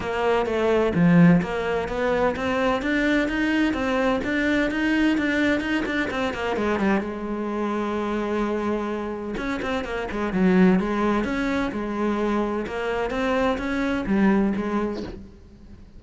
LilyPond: \new Staff \with { instrumentName = "cello" } { \time 4/4 \tempo 4 = 128 ais4 a4 f4 ais4 | b4 c'4 d'4 dis'4 | c'4 d'4 dis'4 d'4 | dis'8 d'8 c'8 ais8 gis8 g8 gis4~ |
gis1 | cis'8 c'8 ais8 gis8 fis4 gis4 | cis'4 gis2 ais4 | c'4 cis'4 g4 gis4 | }